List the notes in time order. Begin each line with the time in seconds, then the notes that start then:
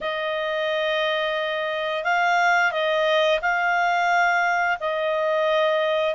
0.00 D#5
2.04 F5
2.71 D#5
3.41 F5
4.79 D#5